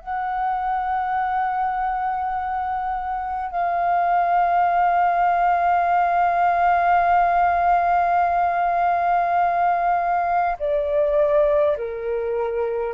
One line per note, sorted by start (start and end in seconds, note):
0.00 3.50 F#5
3.50 10.56 F5
10.59 11.76 D5
11.77 12.93 A#4